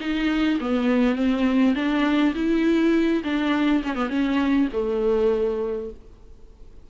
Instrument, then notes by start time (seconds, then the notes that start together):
viola
0.00 D#4
0.60 B3
1.15 C4
1.75 D4
2.34 E4
3.24 D4
3.83 C#4
3.95 B3
4.09 C#4
4.72 A3